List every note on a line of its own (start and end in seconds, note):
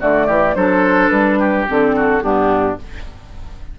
0.00 0.28 D3
0.00 0.56 A3
0.00 0.27 F#4
0.00 0.55 D5
0.27 0.56 E3
0.27 0.55 G4
0.55 1.11 F#3
0.55 1.68 D4
0.55 1.39 A4
0.55 1.09 C5
1.09 1.67 G3
1.09 1.65 B4
1.39 1.96 G4
1.68 2.23 D3
1.68 2.21 C4
1.68 2.22 A4
1.96 2.23 F#4
2.21 2.79 G2
2.21 2.77 B3
2.21 2.79 D4
2.21 2.78 G4